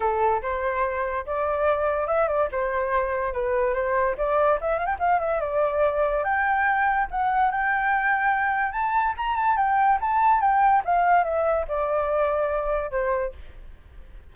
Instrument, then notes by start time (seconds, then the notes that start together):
flute
0.00 A4
0.42 C5
1.26 D5
2.07 E5
2.27 D5
2.51 C5
3.33 B4
3.74 C5
4.17 D5
4.60 E5
4.78 F5
4.86 G5
4.99 F5
5.19 E5
5.40 D5
6.24 G5
7.10 F#5
7.51 G5
8.72 A5
9.17 A#5
9.35 A5
9.57 G5
10.00 A5
10.41 G5
10.84 F5
11.24 E5
11.68 D5
12.91 C5